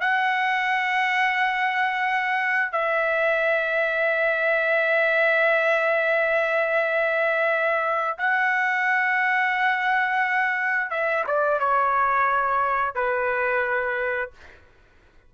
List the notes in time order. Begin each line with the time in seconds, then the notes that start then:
0.00 F#5
2.71 E5
8.18 F#5
10.90 E5
11.27 D5
11.59 C#5
12.94 B4